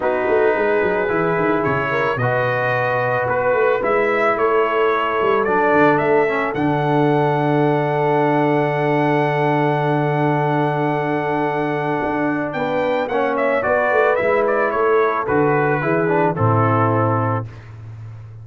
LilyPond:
<<
  \new Staff \with { instrumentName = "trumpet" } { \time 4/4 \tempo 4 = 110 b'2. cis''4 | dis''2 b'4 e''4 | cis''2 d''4 e''4 | fis''1~ |
fis''1~ | fis''2. g''4 | fis''8 e''8 d''4 e''8 d''8 cis''4 | b'2 a'2 | }
  \new Staff \with { instrumentName = "horn" } { \time 4/4 fis'4 gis'2~ gis'8 ais'8 | b'1 | a'1~ | a'1~ |
a'1~ | a'2. b'4 | cis''4 b'2 a'4~ | a'4 gis'4 e'2 | }
  \new Staff \with { instrumentName = "trombone" } { \time 4/4 dis'2 e'2 | fis'2. e'4~ | e'2 d'4. cis'8 | d'1~ |
d'1~ | d'1 | cis'4 fis'4 e'2 | fis'4 e'8 d'8 c'2 | }
  \new Staff \with { instrumentName = "tuba" } { \time 4/4 b8 a8 gis8 fis8 e8 dis8 cis4 | b,2 b8 a8 gis4 | a4. g8 fis8 d8 a4 | d1~ |
d1~ | d2 d'4 b4 | ais4 b8 a8 gis4 a4 | d4 e4 a,2 | }
>>